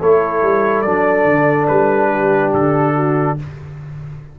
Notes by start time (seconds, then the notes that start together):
0.00 A3 E4 A4 C#5
0.42 G3
0.82 F#3 D4 D5
1.25 D3
1.68 G3 B4
2.11 G4
2.54 D3 A4
2.95 F#4